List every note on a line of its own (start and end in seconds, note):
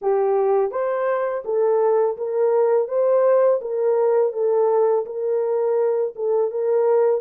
0.01 0.71 G4
0.71 1.43 C5
1.44 2.17 A4
2.17 2.88 A#4
2.88 3.60 C5
3.61 4.32 A#4
4.32 5.05 A4
5.05 6.14 A#4
6.15 6.50 A4
6.50 7.21 A#4